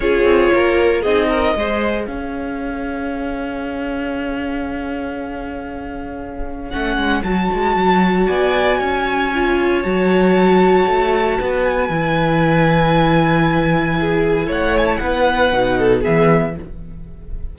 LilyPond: <<
  \new Staff \with { instrumentName = "violin" } { \time 4/4 \tempo 4 = 116 cis''2 dis''2 | f''1~ | f''1~ | f''4 fis''4 a''2 |
gis''2. a''4~ | a''2~ a''8 gis''4.~ | gis''1 | fis''8 gis''16 a''16 fis''2 e''4 | }
  \new Staff \with { instrumentName = "violin" } { \time 4/4 gis'4 ais'4 gis'8 ais'8 c''4 | cis''1~ | cis''1~ | cis''1 |
d''4 cis''2.~ | cis''2 b'2~ | b'2. gis'4 | cis''4 b'4. a'8 gis'4 | }
  \new Staff \with { instrumentName = "viola" } { \time 4/4 f'2 dis'4 gis'4~ | gis'1~ | gis'1~ | gis'4 cis'4 fis'2~ |
fis'2 f'4 fis'4~ | fis'2. e'4~ | e'1~ | e'2 dis'4 b4 | }
  \new Staff \with { instrumentName = "cello" } { \time 4/4 cis'8 c'8 ais4 c'4 gis4 | cis'1~ | cis'1~ | cis'4 a8 gis8 fis8 gis8 fis4 |
b4 cis'2 fis4~ | fis4 a4 b4 e4~ | e1 | a4 b4 b,4 e4 | }
>>